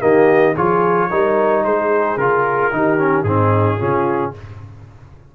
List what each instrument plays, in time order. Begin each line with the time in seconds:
0.00 tuba D#3, trombone A#3, horn G4, trumpet D#5
0.54 tuba F3, trombone F4, horn G#4, trumpet C#5
1.09 tuba G3, trombone D#4, horn A#4
1.64 tuba G#3, horn G#4, trumpet C5
2.17 tuba C#3, trombone F4, trumpet A#4
2.72 tuba D#3, trombone D#4, horn G4
2.98 trombone C#4
3.23 tuba G#2, trombone C4, horn D#4, trumpet G#4
3.78 tuba C#3, trombone C#4, horn F4